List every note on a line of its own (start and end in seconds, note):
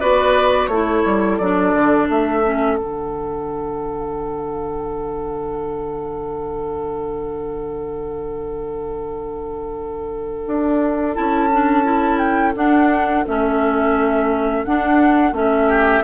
0.00 0.68 B3
0.00 0.70 F#4
0.00 0.70 B4
0.00 0.68 D5
0.68 1.03 A3
0.68 1.42 E4
0.68 15.67 A4
0.68 1.37 C#5
1.05 1.40 G3
1.38 1.74 F#3
1.38 2.45 D4
1.38 2.08 D5
1.74 2.09 D3
2.10 2.78 A3
2.10 2.77 E5
2.45 2.78 C#4
2.77 10.45 D3
2.77 11.15 D4
2.77 11.14 F#5
10.47 11.17 D4
11.15 12.55 C#4
11.15 11.50 E4
11.15 12.18 A5
11.53 11.84 D4
11.84 12.54 E4
12.18 12.53 G5
12.55 13.25 D4
12.55 13.26 F#5
13.28 14.66 A3
13.28 14.67 C#4
13.28 14.65 E5
14.65 15.33 D4
14.65 15.34 D4
14.65 15.35 F#5
15.33 16.02 A3
15.33 16.04 C#4
15.33 16.04 E5
15.67 16.02 G4